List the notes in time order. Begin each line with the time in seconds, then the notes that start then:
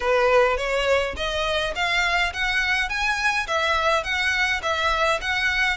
0.00 B4
0.57 C#5
1.16 D#5
1.75 F5
2.33 F#5
2.89 G#5
3.47 E5
4.03 F#5
4.62 E5
5.21 F#5